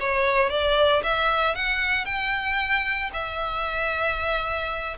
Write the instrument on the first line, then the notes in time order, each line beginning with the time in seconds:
violin
0.00 C#5
0.50 D5
1.03 E5
1.55 F#5
2.05 G5
3.13 E5